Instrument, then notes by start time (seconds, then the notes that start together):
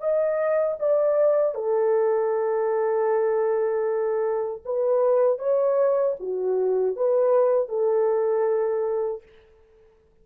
horn
0.00 D#5
0.80 D5
1.55 A4
4.65 B4
5.39 C#5
6.20 F#4
6.97 B4
7.69 A4